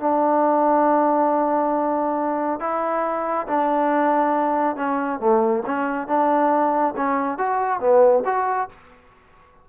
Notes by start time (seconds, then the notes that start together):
0.00 D4
2.60 E4
3.48 D4
4.76 C#4
5.20 A3
5.66 C#4
6.08 D4
6.97 C#4
7.38 F#4
7.81 B3
8.26 F#4